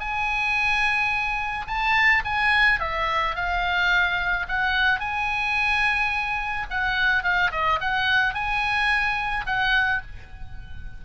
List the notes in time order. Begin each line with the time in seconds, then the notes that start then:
0.00 G#5
1.68 A5
2.25 G#5
2.80 E5
3.36 F5
4.48 F#5
5.00 G#5
6.70 F#5
7.24 F5
7.52 D#5
7.81 F#5
8.35 G#5
9.47 F#5